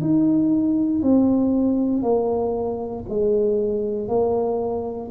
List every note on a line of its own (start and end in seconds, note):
0.00 1.02 D#4
1.02 2.02 C4
2.02 3.04 A#3
3.08 4.08 G#3
4.08 5.09 A#3